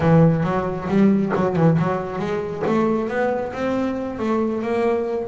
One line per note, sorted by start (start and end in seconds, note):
0.00 0.43 E3
0.43 0.87 F#3
0.88 1.32 G3
1.35 1.55 F#3
1.55 1.77 E3
1.78 2.18 F#3
2.18 2.62 G#3
2.66 3.08 A3
3.08 3.52 B3
3.53 4.18 C4
4.18 4.62 A3
4.62 5.28 A#3